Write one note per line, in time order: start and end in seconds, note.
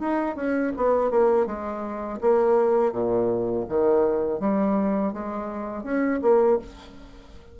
0.00 0.36 D#4
0.36 0.73 C#4
0.77 1.10 B3
1.10 1.46 A#3
1.46 2.20 G#3
2.21 2.92 A#3
2.92 3.66 A#2
3.69 4.40 D#3
4.40 5.13 G3
5.13 5.84 G#3
5.84 6.20 C#4
6.22 6.59 A#3